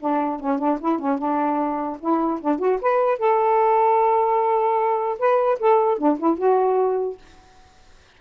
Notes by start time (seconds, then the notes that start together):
0.00 D4
0.40 C#4
0.59 D4
0.81 E4
0.99 C#4
1.19 D4
2.00 E4
2.41 D4
2.59 F#4
2.82 B4
3.19 A4
5.20 B4
5.60 A4
5.99 D4
6.19 E4
6.38 F#4